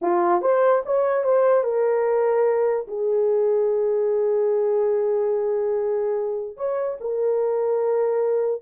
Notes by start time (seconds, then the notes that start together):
0.01 F4
0.41 C5
0.85 C#5
1.24 C5
1.63 A#4
2.87 G#4
6.56 C#5
7.00 A#4